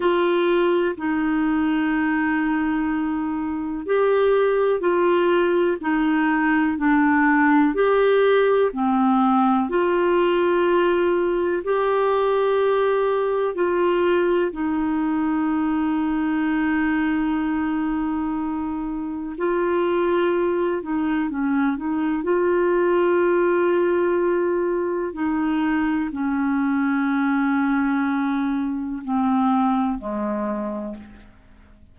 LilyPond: \new Staff \with { instrumentName = "clarinet" } { \time 4/4 \tempo 4 = 62 f'4 dis'2. | g'4 f'4 dis'4 d'4 | g'4 c'4 f'2 | g'2 f'4 dis'4~ |
dis'1 | f'4. dis'8 cis'8 dis'8 f'4~ | f'2 dis'4 cis'4~ | cis'2 c'4 gis4 | }